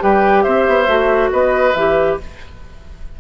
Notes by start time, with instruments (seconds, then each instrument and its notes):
0.00 bassoon G3, clarinet G4, oboe B4, flute G5
0.43 bassoon C4, oboe C5, flute E5
0.68 bassoon B3
0.87 bassoon A3, clarinet F#4
1.33 bassoon B3, oboe B4, flute D#5
1.74 bassoon E3, clarinet G4, flute E5